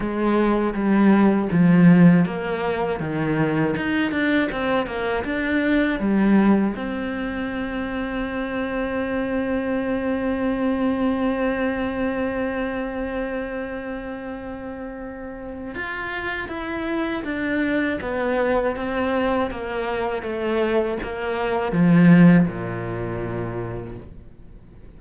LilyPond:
\new Staff \with { instrumentName = "cello" } { \time 4/4 \tempo 4 = 80 gis4 g4 f4 ais4 | dis4 dis'8 d'8 c'8 ais8 d'4 | g4 c'2.~ | c'1~ |
c'1~ | c'4 f'4 e'4 d'4 | b4 c'4 ais4 a4 | ais4 f4 ais,2 | }